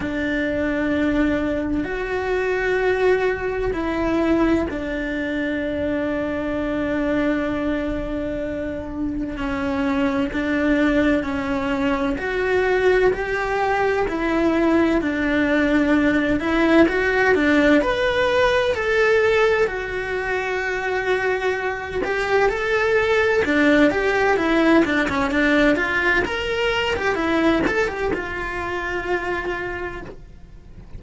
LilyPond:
\new Staff \with { instrumentName = "cello" } { \time 4/4 \tempo 4 = 64 d'2 fis'2 | e'4 d'2.~ | d'2 cis'4 d'4 | cis'4 fis'4 g'4 e'4 |
d'4. e'8 fis'8 d'8 b'4 | a'4 fis'2~ fis'8 g'8 | a'4 d'8 g'8 e'8 d'16 cis'16 d'8 f'8 | ais'8. g'16 e'8 a'16 g'16 f'2 | }